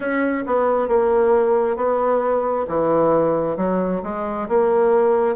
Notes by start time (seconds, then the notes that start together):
0.00 C#4
0.46 B3
0.88 A#3
1.76 B3
2.68 E3
3.57 F#3
4.03 G#3
4.48 A#3